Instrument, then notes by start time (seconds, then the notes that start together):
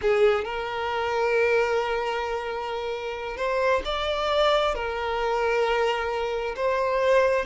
violin
0.01 G#4
0.44 A#4
3.36 C5
3.84 D5
4.75 A#4
6.56 C5